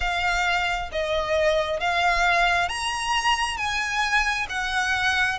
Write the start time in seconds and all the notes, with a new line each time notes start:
0.00 F5
0.92 D#5
1.80 F5
2.69 A#5
3.57 G#5
4.49 F#5